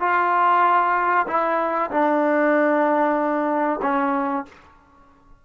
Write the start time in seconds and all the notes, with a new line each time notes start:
0.00 F4
1.27 E4
1.91 D4
3.82 C#4